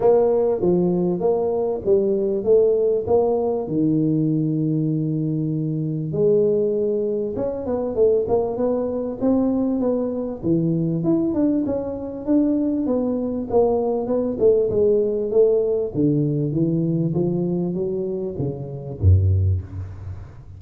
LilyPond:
\new Staff \with { instrumentName = "tuba" } { \time 4/4 \tempo 4 = 98 ais4 f4 ais4 g4 | a4 ais4 dis2~ | dis2 gis2 | cis'8 b8 a8 ais8 b4 c'4 |
b4 e4 e'8 d'8 cis'4 | d'4 b4 ais4 b8 a8 | gis4 a4 d4 e4 | f4 fis4 cis4 fis,4 | }